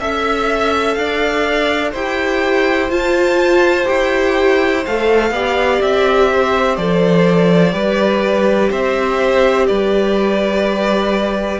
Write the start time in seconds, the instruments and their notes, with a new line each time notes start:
0.00 cello C#4, viola A4, violin E5
0.93 cello D4, violin D5 F5
1.91 cello E4, viola G4, violin C5 G5
2.90 cello F4, viola F4, violin A5
3.85 cello E4, viola G4, violin G5
4.86 cello A3, viola A4, violin F5
5.31 cello B3, viola G4, violin D5
5.81 cello C4, violin E5
6.32 violin C5
6.76 cello F3, viola A4, violin D5
7.71 cello G3, viola G4, violin B4
8.70 cello C4, violin C5 E5
9.67 cello G3, violin B4 D5